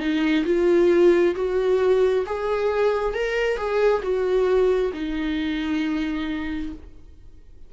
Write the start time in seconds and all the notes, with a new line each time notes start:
0.00 D#4
0.46 F4
1.36 F#4
2.27 G#4
3.14 A#4
3.58 G#4
4.03 F#4
4.94 D#4